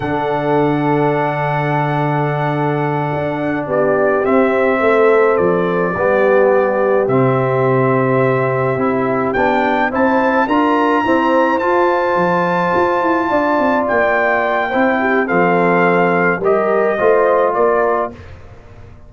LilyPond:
<<
  \new Staff \with { instrumentName = "trumpet" } { \time 4/4 \tempo 4 = 106 fis''1~ | fis''2~ fis''8 d''4 e''8~ | e''4. d''2~ d''8~ | d''8 e''2.~ e''8~ |
e''8 g''4 a''4 ais''4.~ | ais''8 a''2.~ a''8~ | a''8 g''2~ g''8 f''4~ | f''4 dis''2 d''4 | }
  \new Staff \with { instrumentName = "horn" } { \time 4/4 a'1~ | a'2~ a'8 g'4.~ | g'8 a'2 g'4.~ | g'1~ |
g'4. c''4 ais'4 c''8~ | c''2.~ c''8 d''8~ | d''2 c''8 g'8 a'4~ | a'4 ais'4 c''4 ais'4 | }
  \new Staff \with { instrumentName = "trombone" } { \time 4/4 d'1~ | d'2.~ d'8 c'8~ | c'2~ c'8 b4.~ | b8 c'2. e'8~ |
e'8 d'4 e'4 f'4 c'8~ | c'8 f'2.~ f'8~ | f'2 e'4 c'4~ | c'4 g'4 f'2 | }
  \new Staff \with { instrumentName = "tuba" } { \time 4/4 d1~ | d4. d'4 b4 c'8~ | c'8 a4 f4 g4.~ | g8 c2. c'8~ |
c'8 b4 c'4 d'4 e'8~ | e'8 f'4 f4 f'8 e'8 d'8 | c'8 ais4. c'4 f4~ | f4 g4 a4 ais4 | }
>>